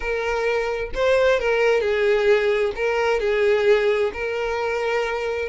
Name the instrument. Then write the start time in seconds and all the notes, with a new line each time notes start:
violin
0.00 A#4
0.94 C5
1.39 A#4
1.80 G#4
2.75 A#4
3.20 G#4
4.13 A#4